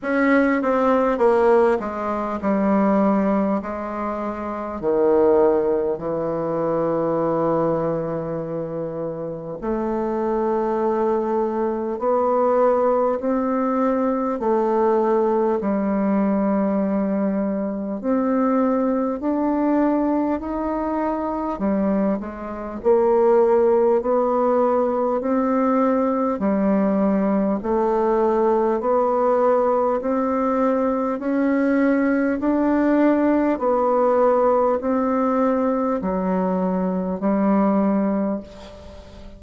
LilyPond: \new Staff \with { instrumentName = "bassoon" } { \time 4/4 \tempo 4 = 50 cis'8 c'8 ais8 gis8 g4 gis4 | dis4 e2. | a2 b4 c'4 | a4 g2 c'4 |
d'4 dis'4 g8 gis8 ais4 | b4 c'4 g4 a4 | b4 c'4 cis'4 d'4 | b4 c'4 fis4 g4 | }